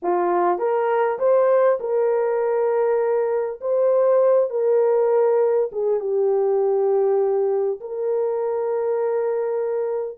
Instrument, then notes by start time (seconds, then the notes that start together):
horn
0.02 F4
0.58 A#4
1.18 C5
1.79 A#4
3.60 C5
4.49 A#4
5.72 G#4
6.00 G4
7.80 A#4